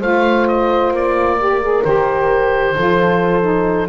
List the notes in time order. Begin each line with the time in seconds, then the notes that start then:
0.00 A3 F4 C5 F5
0.47 D#5
0.91 A#3 D5
1.39 G4 A#4
1.62 G#4
1.84 D#3 G4 C5
2.75 F3 F4 A4
3.42 D#4